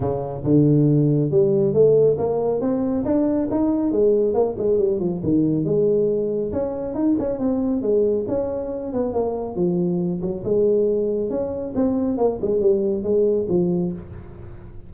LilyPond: \new Staff \with { instrumentName = "tuba" } { \time 4/4 \tempo 4 = 138 cis4 d2 g4 | a4 ais4 c'4 d'4 | dis'4 gis4 ais8 gis8 g8 f8 | dis4 gis2 cis'4 |
dis'8 cis'8 c'4 gis4 cis'4~ | cis'8 b8 ais4 f4. fis8 | gis2 cis'4 c'4 | ais8 gis8 g4 gis4 f4 | }